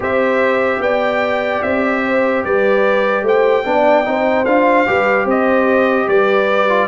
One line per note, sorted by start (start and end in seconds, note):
0.00 0.78 C4
0.00 3.63 G4
0.00 0.80 C5
0.00 0.82 E5
0.78 1.59 B3
0.78 2.04 D5
0.78 1.62 G5
1.62 2.43 C4
1.62 2.43 E5
2.05 2.44 C5
2.44 3.22 G3
2.44 3.23 B4
2.44 3.25 D5
3.22 3.62 A3
3.22 3.64 C5
3.22 4.45 G5
3.64 4.06 B3
3.64 4.04 D4
3.64 4.09 D5
4.04 4.45 C4
4.04 4.45 D#4
4.04 4.89 C5
4.45 4.86 D4
4.45 4.86 F4
4.45 5.26 F5
4.86 5.25 G3
4.86 6.68 G4
4.86 5.24 B4
5.24 6.06 C4
5.24 6.05 C5
5.24 6.08 D#5
6.07 6.87 G3
6.07 6.87 B4
6.07 6.87 D5
6.69 6.87 F4